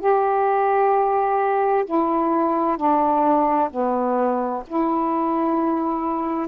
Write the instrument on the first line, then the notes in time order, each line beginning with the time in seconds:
saxophone
0.00 G4
1.85 E4
2.77 D4
3.70 B3
4.67 E4